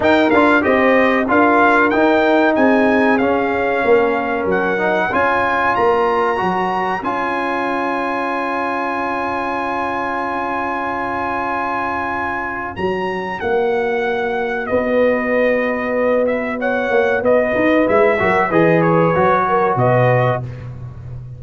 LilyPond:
<<
  \new Staff \with { instrumentName = "trumpet" } { \time 4/4 \tempo 4 = 94 g''8 f''8 dis''4 f''4 g''4 | gis''4 f''2 fis''4 | gis''4 ais''2 gis''4~ | gis''1~ |
gis''1 | ais''4 fis''2 dis''4~ | dis''4. e''8 fis''4 dis''4 | e''4 dis''8 cis''4. dis''4 | }
  \new Staff \with { instrumentName = "horn" } { \time 4/4 ais'4 c''4 ais'2 | gis'2 ais'2 | cis''1~ | cis''1~ |
cis''1~ | cis''2. b'4~ | b'2 cis''4 b'4~ | b'8 ais'8 b'4. ais'8 b'4 | }
  \new Staff \with { instrumentName = "trombone" } { \time 4/4 dis'8 f'8 g'4 f'4 dis'4~ | dis'4 cis'2~ cis'8 dis'8 | f'2 fis'4 f'4~ | f'1~ |
f'1 | fis'1~ | fis'1 | e'8 fis'8 gis'4 fis'2 | }
  \new Staff \with { instrumentName = "tuba" } { \time 4/4 dis'8 d'8 c'4 d'4 dis'4 | c'4 cis'4 ais4 fis4 | cis'4 ais4 fis4 cis'4~ | cis'1~ |
cis'1 | fis4 ais2 b4~ | b2~ b8 ais8 b8 dis'8 | gis8 fis8 e4 fis4 b,4 | }
>>